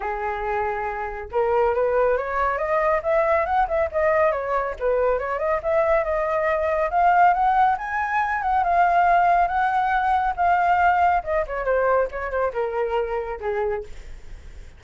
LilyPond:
\new Staff \with { instrumentName = "flute" } { \time 4/4 \tempo 4 = 139 gis'2. ais'4 | b'4 cis''4 dis''4 e''4 | fis''8 e''8 dis''4 cis''4 b'4 | cis''8 dis''8 e''4 dis''2 |
f''4 fis''4 gis''4. fis''8 | f''2 fis''2 | f''2 dis''8 cis''8 c''4 | cis''8 c''8 ais'2 gis'4 | }